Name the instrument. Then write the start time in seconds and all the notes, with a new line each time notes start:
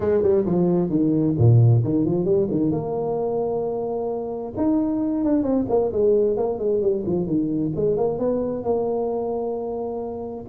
tuba
0.00 G#3
0.22 G3
0.45 F3
0.89 D#3
1.38 A#2
1.84 D#3
2.05 F3
2.24 G3
2.51 D#3
2.71 A#3
4.56 D#4
5.24 D4
5.42 C4
5.69 A#3
5.92 G#3
6.36 A#3
6.58 G#3
6.81 G3
7.06 F3
7.26 D#3
7.75 G#3
7.96 A#3
8.18 B3
8.63 A#3